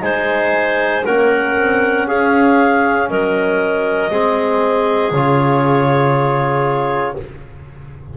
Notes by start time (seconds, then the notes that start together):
0.00 G#3 D#4 C5 G#5
1.05 A#3 C#4 A#4 F#5
1.57 C4
2.07 C#4 G#4 F5
3.09 F#3 A#4 D#5
4.10 G#3 C4 G#4
5.11 C#3 F4 C#5